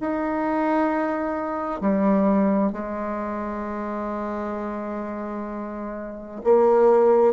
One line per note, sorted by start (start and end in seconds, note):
0.00 1.81 D#4
1.81 2.72 G3
2.72 6.42 G#3
6.44 7.33 A#3